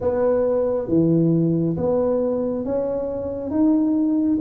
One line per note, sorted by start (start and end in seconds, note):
0.00 0.88 B3
0.88 1.76 E3
1.76 2.65 B3
2.65 3.50 C#4
3.50 4.38 D#4